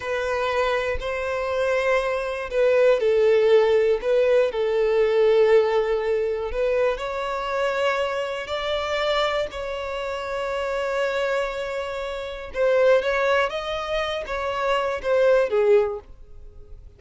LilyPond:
\new Staff \with { instrumentName = "violin" } { \time 4/4 \tempo 4 = 120 b'2 c''2~ | c''4 b'4 a'2 | b'4 a'2.~ | a'4 b'4 cis''2~ |
cis''4 d''2 cis''4~ | cis''1~ | cis''4 c''4 cis''4 dis''4~ | dis''8 cis''4. c''4 gis'4 | }